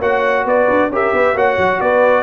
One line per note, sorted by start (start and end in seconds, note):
0.00 0.45 A#3
0.00 0.91 F#4
0.00 0.45 C#5
0.00 0.48 F#5
0.45 0.68 B3
0.45 0.92 B4
0.45 0.93 D5
0.70 0.90 D4
0.90 1.13 C#4
0.90 1.37 G4
0.90 1.14 A#4
0.90 1.38 E5
1.14 1.35 B3
1.14 1.35 B4
1.35 1.58 A#3
1.35 2.23 F#4
1.35 1.80 C#5
1.35 1.81 F#5
1.58 1.81 F#3
1.81 2.23 B3
1.81 2.23 B4
1.81 2.23 D5